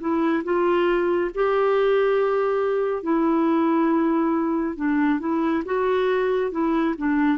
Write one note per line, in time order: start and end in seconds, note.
0.00 0.43 E4
0.44 1.31 F4
1.34 3.03 G4
3.03 4.76 E4
4.76 5.20 D4
5.20 5.63 E4
5.65 6.51 F#4
6.51 6.95 E4
6.98 7.38 D4